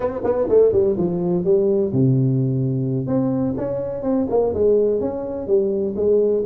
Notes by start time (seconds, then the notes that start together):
0.00 C4
0.23 B3
0.48 A3
0.72 G3
0.97 F3
1.44 G3
1.92 C3
3.06 C4
3.57 C#4
4.02 C4
4.29 A#3
4.53 G#3
5.00 C#4
5.47 G3
5.95 G#3